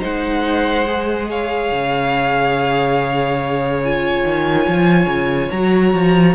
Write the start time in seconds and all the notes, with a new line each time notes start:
0.00 G#3 D#4 C5 F#5
0.87 G#4
1.30 C#5 F5
1.71 C#3
3.83 F4 G#5
4.24 D#3
4.68 F3
5.06 C#3
5.51 F#3 F#4 A#5
5.94 F3